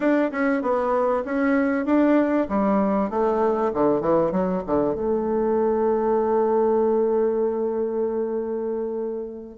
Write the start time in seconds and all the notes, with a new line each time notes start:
0.00 D4
0.31 C#4
0.62 B3
1.24 C#4
1.85 D4
2.49 G3
3.09 A3
3.73 D3
4.00 E3
4.31 F#3
4.66 D3
4.94 A3